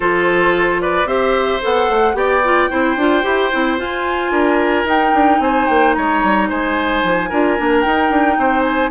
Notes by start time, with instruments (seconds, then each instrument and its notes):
0.00 bassoon F3, clarinet F4, oboe A4, flute C5
0.81 oboe B4, flute D5
1.04 bassoon C4, clarinet G4, oboe C5, flute E5
1.61 bassoon B3, clarinet A4, flute F#5
1.88 bassoon A3
2.14 bassoon B3, clarinet G4, oboe D5, flute G5
2.43 clarinet F4
2.69 bassoon C4, clarinet E4, oboe C5
2.96 bassoon D4, clarinet F4
3.23 bassoon E4, clarinet G4
3.52 bassoon C4, clarinet E4
3.77 clarinet F4, bassoon F4, flute G#5
4.30 bassoon D4, oboe A#4
4.84 bassoon D#4, clarinet D#4, flute G5
5.14 bassoon D4
5.39 bassoon C4, oboe C5, flute G#5
5.66 bassoon A#3, flute G5
5.94 bassoon G#3, oboe C#5, flute A#5
6.23 bassoon G3
6.48 bassoon G#3, oboe C5, flute G#5
7.03 bassoon F3
7.29 bassoon D4, clarinet F4, oboe A#4
7.57 bassoon A#3, clarinet D4
7.80 clarinet D#4, bassoon D#4, flute G5
8.10 bassoon D4
8.37 bassoon C4, oboe C5
8.62 flute G#5